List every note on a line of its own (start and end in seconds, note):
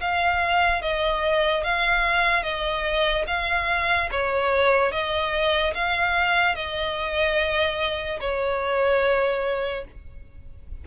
0.00 0.81 F5
0.81 1.63 D#5
1.63 2.42 F5
2.42 3.25 D#5
3.27 4.09 F5
4.11 4.91 C#5
4.91 5.73 D#5
5.74 6.55 F5
6.55 8.20 D#5
8.20 9.84 C#5